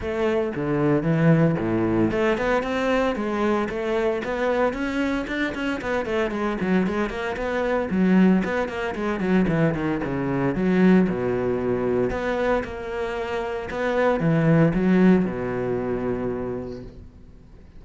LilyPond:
\new Staff \with { instrumentName = "cello" } { \time 4/4 \tempo 4 = 114 a4 d4 e4 a,4 | a8 b8 c'4 gis4 a4 | b4 cis'4 d'8 cis'8 b8 a8 | gis8 fis8 gis8 ais8 b4 fis4 |
b8 ais8 gis8 fis8 e8 dis8 cis4 | fis4 b,2 b4 | ais2 b4 e4 | fis4 b,2. | }